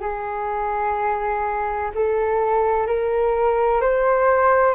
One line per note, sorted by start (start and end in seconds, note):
0.00 1.90 G#4
1.94 2.86 A4
2.86 3.81 A#4
3.81 4.74 C5